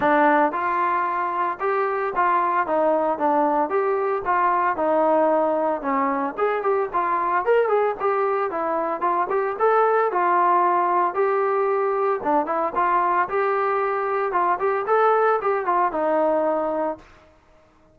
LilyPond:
\new Staff \with { instrumentName = "trombone" } { \time 4/4 \tempo 4 = 113 d'4 f'2 g'4 | f'4 dis'4 d'4 g'4 | f'4 dis'2 cis'4 | gis'8 g'8 f'4 ais'8 gis'8 g'4 |
e'4 f'8 g'8 a'4 f'4~ | f'4 g'2 d'8 e'8 | f'4 g'2 f'8 g'8 | a'4 g'8 f'8 dis'2 | }